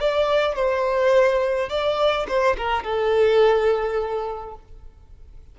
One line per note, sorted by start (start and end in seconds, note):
0.00 0.55 D5
0.55 1.70 C5
1.70 2.27 D5
2.28 2.57 C5
2.57 2.84 A#4
2.84 4.55 A4